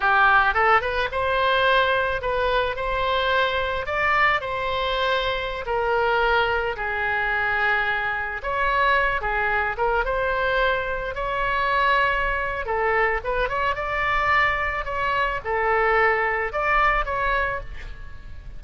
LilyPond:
\new Staff \with { instrumentName = "oboe" } { \time 4/4 \tempo 4 = 109 g'4 a'8 b'8 c''2 | b'4 c''2 d''4 | c''2~ c''16 ais'4.~ ais'16~ | ais'16 gis'2. cis''8.~ |
cis''8. gis'4 ais'8 c''4.~ c''16~ | c''16 cis''2~ cis''8. a'4 | b'8 cis''8 d''2 cis''4 | a'2 d''4 cis''4 | }